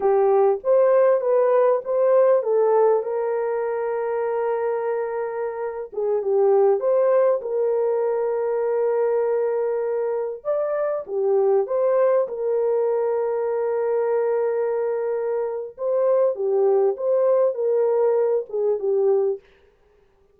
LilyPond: \new Staff \with { instrumentName = "horn" } { \time 4/4 \tempo 4 = 99 g'4 c''4 b'4 c''4 | a'4 ais'2.~ | ais'4.~ ais'16 gis'8 g'4 c''8.~ | c''16 ais'2.~ ais'8.~ |
ais'4~ ais'16 d''4 g'4 c''8.~ | c''16 ais'2.~ ais'8.~ | ais'2 c''4 g'4 | c''4 ais'4. gis'8 g'4 | }